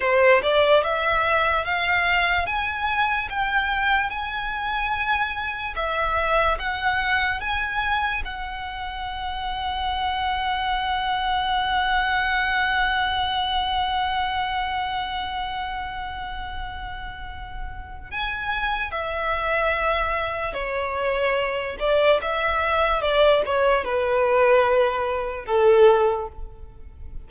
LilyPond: \new Staff \with { instrumentName = "violin" } { \time 4/4 \tempo 4 = 73 c''8 d''8 e''4 f''4 gis''4 | g''4 gis''2 e''4 | fis''4 gis''4 fis''2~ | fis''1~ |
fis''1~ | fis''2 gis''4 e''4~ | e''4 cis''4. d''8 e''4 | d''8 cis''8 b'2 a'4 | }